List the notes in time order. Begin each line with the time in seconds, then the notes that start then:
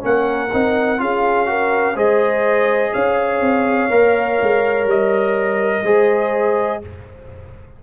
0.00 A#3 C#4 A#4 F#5
0.53 C4 D#4
0.98 C#4 F4 G#4 F5
1.46 F#4 A#4
1.95 G#3 G#4 C5 D#5
2.92 C#4 C#5 F5
3.40 C4
3.90 A#3 A#4
4.41 G#3
4.85 G3 D#5
5.83 G#3 G#4 C5